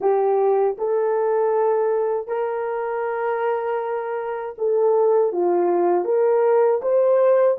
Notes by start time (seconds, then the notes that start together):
0.00 G4
0.78 A4
2.27 A#4
4.58 A4
5.32 F4
6.04 A#4
6.81 C5